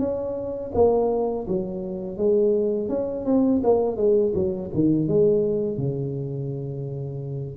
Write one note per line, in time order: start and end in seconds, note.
0.00 0.72 C#4
0.75 1.47 A#3
1.48 2.18 F#3
2.18 2.89 G#3
2.89 3.26 C#4
3.26 3.62 C4
3.64 3.97 A#3
3.97 4.33 G#3
4.35 4.71 F#3
4.74 5.08 D#3
5.08 5.78 G#3
5.78 7.58 C#3